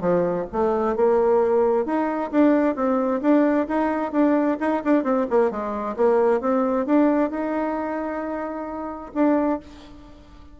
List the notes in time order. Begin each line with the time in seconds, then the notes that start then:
0.00 F3
0.52 A3
0.96 A#3
1.85 D#4
2.31 D4
2.75 C4
3.21 D4
3.68 D#4
4.12 D4
4.60 D#4
4.84 D4
5.04 C4
5.30 A#3
5.50 G#3
5.96 A#3
6.41 C4
6.86 D4
7.30 D#4
9.14 D4